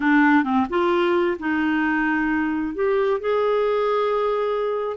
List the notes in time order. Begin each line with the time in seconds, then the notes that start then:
0.00 D4
0.43 C4
0.69 F4
1.39 D#4
2.75 G4
3.20 G#4